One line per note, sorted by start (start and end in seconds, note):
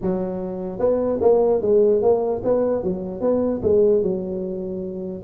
0.01 0.79 F#3
0.79 1.19 B3
1.21 1.61 A#3
1.61 2.02 G#3
2.02 2.42 A#3
2.44 2.83 B3
2.83 3.20 F#3
3.20 3.60 B3
3.62 4.02 G#3
4.02 5.23 F#3